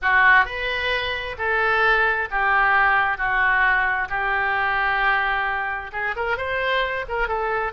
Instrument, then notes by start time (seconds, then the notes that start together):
oboe
0.01 F#4
0.45 B4
1.37 A4
2.30 G4
3.17 F#4
4.09 G4
5.92 G#4
6.16 A#4
6.37 C5
7.08 A#4
7.27 A4